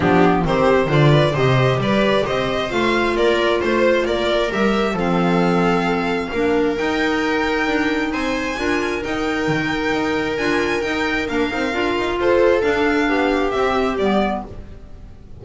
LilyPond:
<<
  \new Staff \with { instrumentName = "violin" } { \time 4/4 \tempo 4 = 133 g'4 c''4 d''4 dis''4 | d''4 dis''4 f''4 d''4 | c''4 d''4 e''4 f''4~ | f''2. g''4~ |
g''2 gis''2 | g''2. gis''4 | g''4 f''2 c''4 | f''2 e''4 d''4 | }
  \new Staff \with { instrumentName = "viola" } { \time 4/4 d'4 g'4 c''8 b'8 c''4 | b'4 c''2 ais'4 | c''4 ais'2 a'4~ | a'2 ais'2~ |
ais'2 c''4 ais'4~ | ais'1~ | ais'2. a'4~ | a'4 g'2. | }
  \new Staff \with { instrumentName = "clarinet" } { \time 4/4 b4 c'4 f'4 g'4~ | g'2 f'2~ | f'2 g'4 c'4~ | c'2 d'4 dis'4~ |
dis'2. f'4 | dis'2. f'4 | dis'4 d'8 dis'8 f'2 | d'2 c'4 b4 | }
  \new Staff \with { instrumentName = "double bass" } { \time 4/4 f4 dis4 d4 c4 | g4 c'4 a4 ais4 | a4 ais4 g4 f4~ | f2 ais4 dis'4~ |
dis'4 d'4 c'4 d'4 | dis'4 dis4 dis'4 d'4 | dis'4 ais8 c'8 d'8 dis'8 f'4 | d'4 b4 c'4 g4 | }
>>